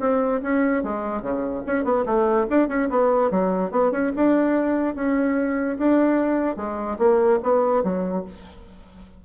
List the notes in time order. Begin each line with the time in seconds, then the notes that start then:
0.00 C4
0.42 C#4
0.83 G#3
1.22 C#3
1.66 C#4
1.84 B3
2.05 A3
2.50 D4
2.69 C#4
2.90 B3
3.31 F#3
3.71 B3
3.92 C#4
4.16 D4
4.95 C#4
5.78 D4
6.57 G#3
6.98 A#3
7.43 B3
7.83 F#3